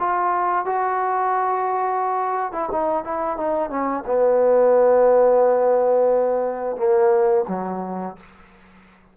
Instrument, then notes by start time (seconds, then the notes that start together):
trombone
0.00 F4
0.66 F#4
2.53 E4
2.72 D#4
3.05 E4
3.37 D#4
3.70 C#4
4.07 B3
6.77 A#3
7.49 F#3